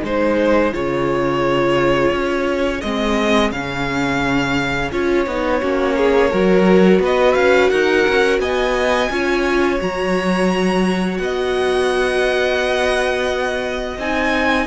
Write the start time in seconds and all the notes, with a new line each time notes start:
0.00 G#3 D#4 G#4 C5
0.73 C#3 F4 C#5
2.12 C#4
2.81 G#3 C4 D#5
3.51 C#3 C#4 F5
4.92 C#4 F4 C#5
5.26 B3 D#4
5.61 A#3 C#4 F#4
5.97 G#4
6.31 F#3 F#4 A#4
6.99 B3 B4 D#5
7.34 C#4 F5
7.69 D#4 A#4 F#5
8.08 C#4
8.39 B3 D#5 G#5
9.10 C#4 F4 C#5
9.80 F#3 F#4 A#5
11.18 B3 D#5 F#5
13.98 C4 D#4 G#5